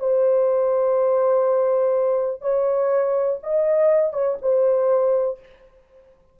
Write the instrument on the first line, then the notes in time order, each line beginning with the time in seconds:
horn
0.00 C5
2.42 C#5
3.43 D#5
4.14 C#5
4.42 C5